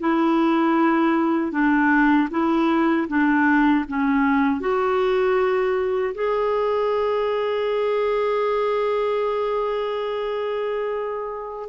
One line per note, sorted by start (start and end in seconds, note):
0.00 1.52 E4
1.52 2.29 D4
2.31 3.08 E4
3.08 3.85 D4
3.88 4.60 C#4
4.60 6.14 F#4
6.15 11.70 G#4